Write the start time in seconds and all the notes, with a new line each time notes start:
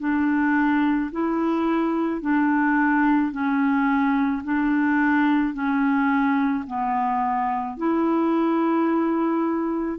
0.00 D4
1.12 E4
2.22 D4
3.32 C#4
4.44 D4
5.54 C#4
6.67 B3
7.78 E4